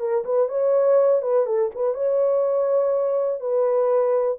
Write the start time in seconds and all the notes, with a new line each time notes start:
0.00 A#4
0.25 B4
0.49 C#5
1.22 B4
1.46 A4
1.75 B4
1.94 C#5
3.40 B4